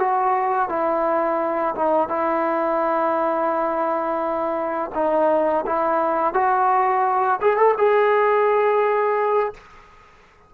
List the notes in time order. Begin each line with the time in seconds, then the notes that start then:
0.00 F#4
0.69 E4
1.76 D#4
2.09 E4
4.95 D#4
5.67 E4
6.34 F#4
7.41 G#4
7.57 A4
7.78 G#4